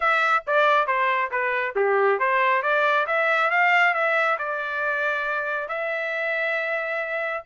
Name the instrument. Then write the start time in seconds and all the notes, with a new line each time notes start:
trumpet
0.00 E5
0.46 D5
0.87 C5
1.31 B4
1.75 G4
2.19 C5
2.62 D5
3.07 E5
3.50 F5
3.93 E5
4.38 D5
5.68 E5